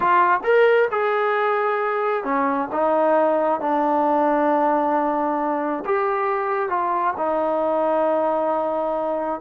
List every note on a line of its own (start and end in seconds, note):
0.00 0.40 F4
0.43 0.88 A#4
0.91 2.23 G#4
2.23 2.68 C#4
2.72 3.60 D#4
3.60 5.84 D4
5.85 6.69 G4
6.69 7.14 F4
7.17 9.40 D#4